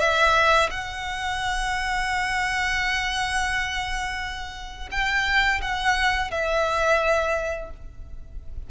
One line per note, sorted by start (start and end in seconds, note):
0.00 0.69 E5
0.71 4.89 F#5
4.91 5.61 G5
5.62 6.31 F#5
6.31 7.71 E5